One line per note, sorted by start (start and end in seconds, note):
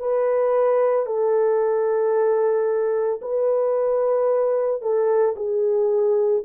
0.00 1.06 B4
1.06 3.20 A4
3.21 4.82 B4
4.82 5.36 A4
5.36 6.43 G#4